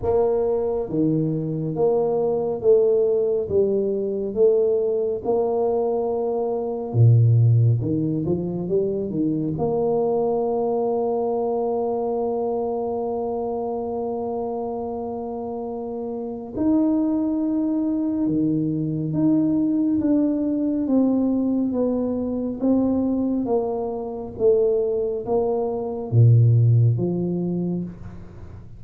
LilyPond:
\new Staff \with { instrumentName = "tuba" } { \time 4/4 \tempo 4 = 69 ais4 dis4 ais4 a4 | g4 a4 ais2 | ais,4 dis8 f8 g8 dis8 ais4~ | ais1~ |
ais2. dis'4~ | dis'4 dis4 dis'4 d'4 | c'4 b4 c'4 ais4 | a4 ais4 ais,4 f4 | }